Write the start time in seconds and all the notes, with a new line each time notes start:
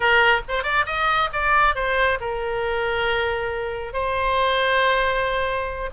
0.00 A#4
0.48 C5
0.63 D5
0.85 D#5
1.32 D5
1.75 C5
2.20 A#4
3.93 C5